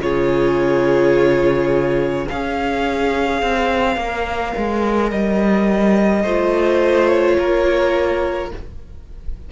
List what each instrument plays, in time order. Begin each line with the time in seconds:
0.00 cello C#3, viola F4, violin G#4 C#5
2.28 cello C#4, viola G#4, violin C#5 F5
3.42 cello C4
3.96 cello A#3, viola A#4
4.57 cello G#3
5.10 cello G3, violin D#5
6.23 cello A3, viola F4, violin C5
7.08 violin C#5
7.38 cello A#3, violin A#4